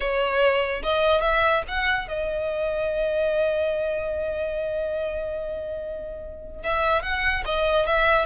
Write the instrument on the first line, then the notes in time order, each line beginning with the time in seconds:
violin
0.00 C#5
0.82 D#5
1.21 E5
1.68 F#5
2.08 D#5
6.63 E5
7.02 F#5
7.45 D#5
7.85 E5